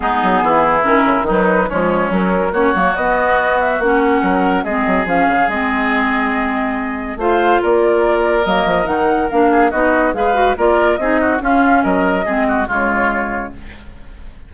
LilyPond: <<
  \new Staff \with { instrumentName = "flute" } { \time 4/4 \tempo 4 = 142 gis'2 ais'4 b'4 | cis''4 ais'4 cis''4 dis''4~ | dis''8 e''8 fis''2 dis''4 | f''4 dis''2.~ |
dis''4 f''4 d''2 | dis''4 fis''4 f''4 dis''4 | f''4 d''4 dis''4 f''4 | dis''2 cis''2 | }
  \new Staff \with { instrumentName = "oboe" } { \time 4/4 dis'4 e'2 dis'4 | cis'2 fis'2~ | fis'2 ais'4 gis'4~ | gis'1~ |
gis'4 c''4 ais'2~ | ais'2~ ais'8 gis'8 fis'4 | b'4 ais'4 gis'8 fis'8 f'4 | ais'4 gis'8 fis'8 f'2 | }
  \new Staff \with { instrumentName = "clarinet" } { \time 4/4 b2 cis'4 fis4 | gis4 fis4 cis'8 ais8 b4~ | b4 cis'2 c'4 | cis'4 c'2.~ |
c'4 f'2. | ais4 dis'4 d'4 dis'4 | gis'8 fis'8 f'4 dis'4 cis'4~ | cis'4 c'4 gis2 | }
  \new Staff \with { instrumentName = "bassoon" } { \time 4/4 gis8 fis8 e4 dis8 cis8 dis4 | f4 fis4 ais8 fis8 b4~ | b4 ais4 fis4 gis8 fis8 | f8 cis8 gis2.~ |
gis4 a4 ais2 | fis8 f8 dis4 ais4 b4 | gis4 ais4 c'4 cis'4 | fis4 gis4 cis2 | }
>>